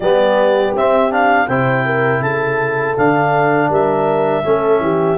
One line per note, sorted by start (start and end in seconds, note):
0.00 0.73 G3
0.00 0.76 B3
0.00 1.47 G4
0.00 0.74 D5
0.75 1.48 C4
0.75 1.10 C4
0.75 1.12 E5
1.10 1.47 D4
1.10 1.48 F5
1.47 2.21 C3
1.47 2.97 E4
1.47 1.84 C5
1.47 2.22 G5
1.85 2.21 A#4
2.21 2.95 C#3
2.21 3.69 A4
2.21 2.96 A5
2.97 3.69 D3
2.97 4.44 D4
2.97 3.71 F5
3.69 4.43 G3
3.69 4.43 A#4
3.69 5.18 E5
4.44 4.79 A3
4.44 5.18 C#4
4.44 4.82 A4
4.79 5.17 E3
4.79 5.18 G4